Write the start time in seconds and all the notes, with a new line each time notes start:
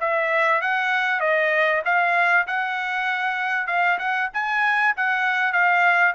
0.00 E5
0.62 F#5
1.20 D#5
1.85 F5
2.47 F#5
3.67 F5
3.99 F#5
4.33 G#5
4.97 F#5
5.53 F5